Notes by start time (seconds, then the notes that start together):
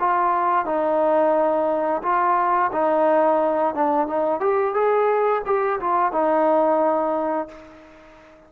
0.00 F4
0.66 D#4
2.03 F4
2.73 D#4
3.75 D4
4.08 D#4
4.41 G4
4.75 G#4
5.46 G4
5.81 F4
6.12 D#4